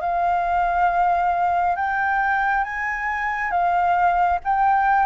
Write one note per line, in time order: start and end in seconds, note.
0.00 1.75 F5
1.75 2.64 G5
2.64 3.51 G#5
3.51 4.39 F5
4.44 5.06 G5